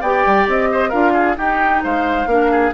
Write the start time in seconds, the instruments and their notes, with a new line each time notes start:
0.00 bassoon B3, clarinet G4, oboe D5, flute G5
0.26 bassoon G3
0.47 bassoon C4, flute D#5
0.71 oboe C5
0.89 bassoon D4, clarinet F4, oboe A#4, flute F5
1.13 oboe G#4
1.35 clarinet D#4, bassoon D#4, oboe G4, flute G5
1.83 bassoon G#3, oboe C5, flute F5
2.26 bassoon A#3, clarinet D4, oboe A#4
2.51 oboe G#4